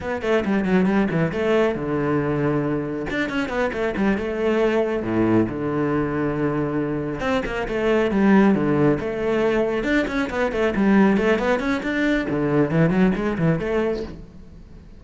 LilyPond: \new Staff \with { instrumentName = "cello" } { \time 4/4 \tempo 4 = 137 b8 a8 g8 fis8 g8 e8 a4 | d2. d'8 cis'8 | b8 a8 g8 a2 a,8~ | a,8 d2.~ d8~ |
d8 c'8 ais8 a4 g4 d8~ | d8 a2 d'8 cis'8 b8 | a8 g4 a8 b8 cis'8 d'4 | d4 e8 fis8 gis8 e8 a4 | }